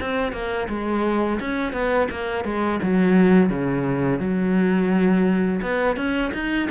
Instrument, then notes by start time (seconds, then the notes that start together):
cello
0.00 C4
0.32 A#3
0.69 G#3
1.40 C#4
1.73 B3
2.10 A#3
2.44 G#3
2.83 F#3
3.49 C#3
4.19 F#3
5.62 B3
5.96 C#4
6.33 D#4